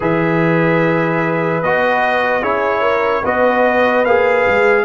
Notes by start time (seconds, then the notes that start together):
0.00 E3 G#4 B4 E5
1.62 B3 F#4 D#5
2.41 C#4 E4 G#4 C#5
2.81 A#4
3.24 B3 F#4 B4 D#5
4.04 A#3 G#4 F5
4.47 G#3